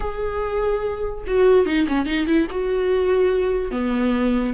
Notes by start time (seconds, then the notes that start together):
0.00 G#4
1.26 F#4
1.66 D#4
1.88 C#4
2.06 D#4
2.26 E4
2.50 F#4
3.71 B3